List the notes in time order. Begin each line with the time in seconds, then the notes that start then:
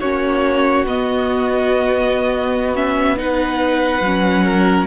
0.00 A#3 C#4 F#4 C#5
0.84 B3 D#5
2.75 C#4 E5
3.17 D#4 B4 F#5
4.01 F#3 C#4
4.44 A#4